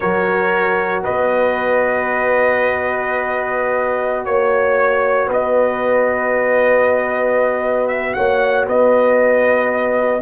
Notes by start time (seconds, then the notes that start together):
0.00 F#3 F#4 A#4 C#5
1.03 B3 B4 D#5
4.25 A#3 C#5
5.26 B3 B4 D#5
7.88 E5
8.13 A#3 C#5 F#5
8.67 B3 B4 D#5